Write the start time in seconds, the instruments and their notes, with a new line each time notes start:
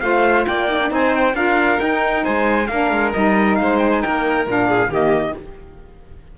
0.00 cello A3, saxophone F4, violin C5, trumpet F5
0.46 cello A#3, violin D5, trumpet G5
0.68 saxophone D#4
0.81 saxophone D4
0.88 cello C4, saxophone D#4, violin C5, trumpet G#5
1.15 trumpet G5
1.34 cello D4, saxophone F4, violin A#4, trumpet F5
1.77 saxophone D#4, cello D#4, trumpet G5
2.23 cello G#3, violin C5, trumpet G#5
2.67 cello A#3, saxophone D4, violin A#4, trumpet F5
2.91 cello G#3
3.13 cello G3, saxophone D#4, trumpet D#5
3.55 cello G#3, violin C5, trumpet F5
3.78 trumpet G5
3.90 trumpet G#5
4.01 cello A#3, violin A#4, trumpet G5
4.46 cello A#2, saxophone D4, trumpet F5
4.68 violin G#4
4.88 cello D#3, saxophone A#3, violin G4, trumpet D#5